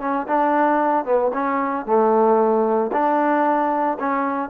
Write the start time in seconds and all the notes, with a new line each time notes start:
0.00 C#4
0.28 D4
1.05 B3
1.33 C#4
1.85 A3
2.92 D4
3.99 C#4